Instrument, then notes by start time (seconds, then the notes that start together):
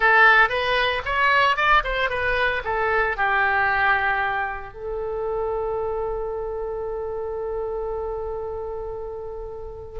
oboe
0.00 A4
0.49 B4
1.05 C#5
1.56 D5
1.83 C5
2.09 B4
2.64 A4
3.16 G4
4.73 A4